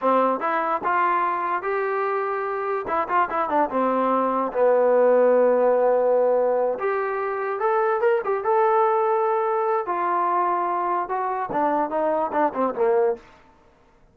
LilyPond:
\new Staff \with { instrumentName = "trombone" } { \time 4/4 \tempo 4 = 146 c'4 e'4 f'2 | g'2. e'8 f'8 | e'8 d'8 c'2 b4~ | b1~ |
b8 g'2 a'4 ais'8 | g'8 a'2.~ a'8 | f'2. fis'4 | d'4 dis'4 d'8 c'8 ais4 | }